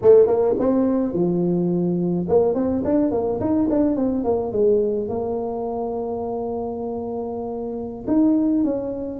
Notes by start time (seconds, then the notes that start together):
0.02 A3
0.26 A#3
0.58 C4
1.13 F3
2.28 A#3
2.54 C4
2.84 D4
3.11 A#3
3.40 D#4
3.70 D4
3.96 C4
4.23 A#3
4.51 G#3
5.08 A#3
8.07 D#4
8.64 C#4